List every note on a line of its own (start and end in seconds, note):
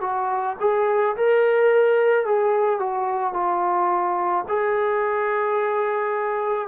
0.00 0.56 F#4
0.60 1.16 G#4
1.16 2.25 A#4
2.25 2.79 G#4
2.79 3.33 F#4
3.33 4.44 F4
4.48 6.68 G#4